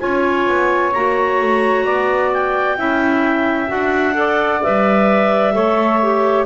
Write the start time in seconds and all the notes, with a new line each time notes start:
0.00 C#4 F4 C#5 G#5
0.48 B3
0.93 A#3 F#4 A#5
1.41 A3
1.85 B3 D5
2.34 G5
2.77 C#4 E4 E5
3.67 D4 F#4 F#5
4.14 A4 D5
4.63 G3 B4 E5
5.53 A3 A4 C#5
6.02 G4